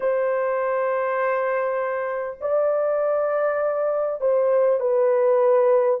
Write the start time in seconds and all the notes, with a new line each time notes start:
0.00 C5
2.41 D5
4.21 C5
4.80 B4